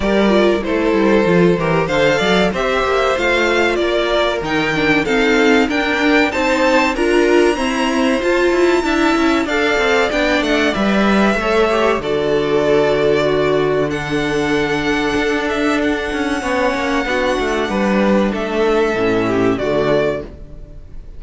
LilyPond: <<
  \new Staff \with { instrumentName = "violin" } { \time 4/4 \tempo 4 = 95 d''4 c''2 f''4 | e''4 f''4 d''4 g''4 | f''4 g''4 a''4 ais''4~ | ais''4 a''2 f''4 |
g''8 fis''8 e''2 d''4~ | d''2 fis''2~ | fis''8 e''8 fis''2.~ | fis''4 e''2 d''4 | }
  \new Staff \with { instrumentName = "violin" } { \time 4/4 ais'4 a'4. ais'8 c''8 d''8 | c''2 ais'2 | a'4 ais'4 c''4 ais'4 | c''2 e''4 d''4~ |
d''2 cis''4 a'4~ | a'4 fis'4 a'2~ | a'2 cis''4 fis'4 | b'4 a'4. g'8 fis'4 | }
  \new Staff \with { instrumentName = "viola" } { \time 4/4 g'8 f'8 e'4 f'8 g'8 a'4 | g'4 f'2 dis'8 d'8 | c'4 d'4 dis'4 f'4 | c'4 f'4 e'4 a'4 |
d'4 b'4 a'8 g'8 fis'4~ | fis'2 d'2~ | d'2 cis'4 d'4~ | d'2 cis'4 a4 | }
  \new Staff \with { instrumentName = "cello" } { \time 4/4 g4 a8 g8 f8 e8 d8 fis8 | c'8 ais8 a4 ais4 dis4 | dis'4 d'4 c'4 d'4 | e'4 f'8 e'8 d'8 cis'8 d'8 c'8 |
b8 a8 g4 a4 d4~ | d1 | d'4. cis'8 b8 ais8 b8 a8 | g4 a4 a,4 d4 | }
>>